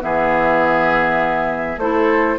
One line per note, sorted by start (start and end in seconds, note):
0.00 1.78 E3
0.00 1.78 B3
0.00 1.81 G#4
0.00 1.80 E5
1.78 2.37 A3
1.78 2.39 E4
1.78 2.39 A4
1.78 2.39 C5